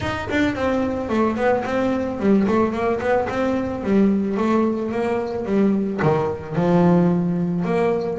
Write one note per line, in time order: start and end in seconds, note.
0.00 0.28 D#4
0.30 0.55 D4
0.55 1.09 C4
1.09 1.36 A3
1.36 1.63 B3
1.65 2.19 C4
2.19 2.46 G3
2.47 2.72 A3
2.72 2.99 A#3
3.00 3.27 B3
3.29 3.83 C4
3.83 4.37 G3
4.37 4.91 A3
4.91 5.45 A#3
5.45 6.00 G3
6.02 6.55 D#3
6.55 7.64 F3
7.64 8.18 A#3